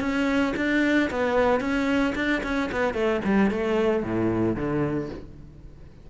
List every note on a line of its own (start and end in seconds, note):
0.00 0.54 C#4
0.56 1.10 D4
1.10 1.60 B3
1.60 2.14 C#4
2.15 2.42 D4
2.43 2.70 C#4
2.72 2.94 B3
2.94 3.21 A3
3.25 3.51 G3
3.51 4.03 A3
4.03 4.56 A2
4.56 5.09 D3